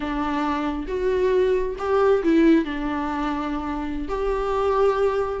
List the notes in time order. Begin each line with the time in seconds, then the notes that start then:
0.00 D4
0.87 F#4
1.78 G4
2.23 E4
2.65 D4
4.08 G4